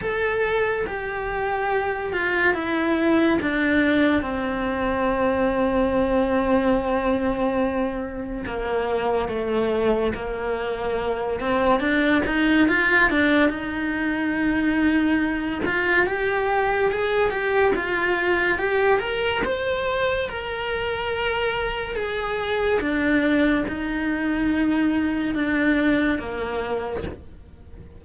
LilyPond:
\new Staff \with { instrumentName = "cello" } { \time 4/4 \tempo 4 = 71 a'4 g'4. f'8 e'4 | d'4 c'2.~ | c'2 ais4 a4 | ais4. c'8 d'8 dis'8 f'8 d'8 |
dis'2~ dis'8 f'8 g'4 | gis'8 g'8 f'4 g'8 ais'8 c''4 | ais'2 gis'4 d'4 | dis'2 d'4 ais4 | }